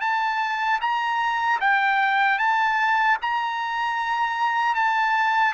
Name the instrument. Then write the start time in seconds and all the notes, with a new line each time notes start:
trumpet
0.00 A5
0.80 A#5
1.60 G5
2.38 A5
3.21 A#5
4.74 A5